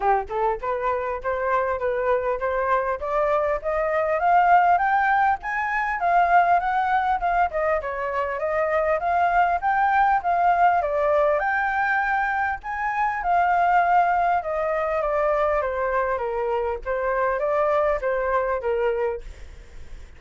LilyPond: \new Staff \with { instrumentName = "flute" } { \time 4/4 \tempo 4 = 100 g'8 a'8 b'4 c''4 b'4 | c''4 d''4 dis''4 f''4 | g''4 gis''4 f''4 fis''4 | f''8 dis''8 cis''4 dis''4 f''4 |
g''4 f''4 d''4 g''4~ | g''4 gis''4 f''2 | dis''4 d''4 c''4 ais'4 | c''4 d''4 c''4 ais'4 | }